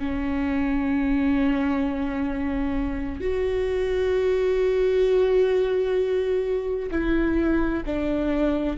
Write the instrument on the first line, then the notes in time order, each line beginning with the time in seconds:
viola
0.00 C#4
3.21 F#4
6.91 E4
7.86 D4